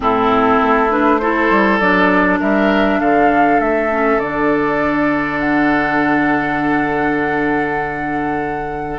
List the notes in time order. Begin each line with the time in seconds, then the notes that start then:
0.00 A2 C4 E4 A4
0.62 A3
0.90 D4 B4
1.18 E4 A4 C5
1.50 G3
1.79 F#3 D4 D5
2.39 G3 A#4 E5
3.00 D3 A4 F5
3.60 A3 E5
3.91 C#4
4.18 D3 D4 D5
5.39 F#5